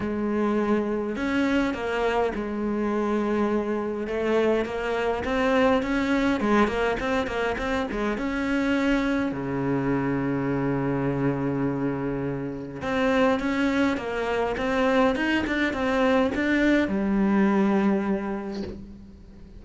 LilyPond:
\new Staff \with { instrumentName = "cello" } { \time 4/4 \tempo 4 = 103 gis2 cis'4 ais4 | gis2. a4 | ais4 c'4 cis'4 gis8 ais8 | c'8 ais8 c'8 gis8 cis'2 |
cis1~ | cis2 c'4 cis'4 | ais4 c'4 dis'8 d'8 c'4 | d'4 g2. | }